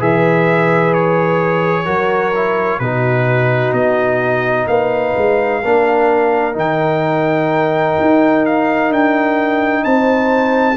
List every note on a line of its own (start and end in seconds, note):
0.00 1.87 E3
0.00 1.86 G#4
0.00 1.85 B4
0.00 0.94 E5
0.94 2.79 C#5
1.85 2.80 F#3
1.85 2.32 F#4
1.85 2.79 A#4
2.35 2.82 E4
2.79 3.73 B2
2.79 5.64 D#4
2.79 4.69 F#4
2.79 3.73 B4
3.73 4.67 B3
3.73 4.67 D#5
4.67 5.14 A#3
4.67 5.62 B4
4.67 6.55 F5
5.17 5.64 G#3
5.62 6.56 A#3
5.62 6.53 D4
5.62 9.84 A#4
6.53 7.97 D#3
6.53 10.75 D#4
6.53 8.46 G5
8.01 8.91 D#4
8.46 8.93 F5
8.91 9.84 D4
8.91 9.85 G5
9.84 10.78 C4
9.84 10.78 C5
9.84 10.78 A5